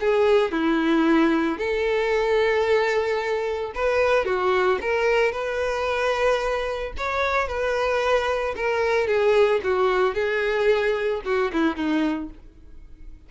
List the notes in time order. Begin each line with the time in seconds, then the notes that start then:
0.00 G#4
0.52 E4
1.58 A4
3.75 B4
4.25 F#4
4.81 A#4
5.32 B4
6.97 C#5
7.48 B4
8.56 A#4
9.07 G#4
9.64 F#4
10.14 G#4
11.25 F#4
11.53 E4
11.76 D#4